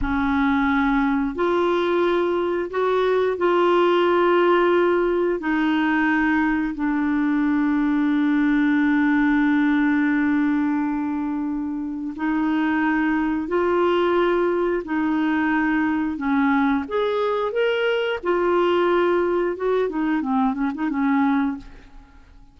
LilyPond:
\new Staff \with { instrumentName = "clarinet" } { \time 4/4 \tempo 4 = 89 cis'2 f'2 | fis'4 f'2. | dis'2 d'2~ | d'1~ |
d'2 dis'2 | f'2 dis'2 | cis'4 gis'4 ais'4 f'4~ | f'4 fis'8 dis'8 c'8 cis'16 dis'16 cis'4 | }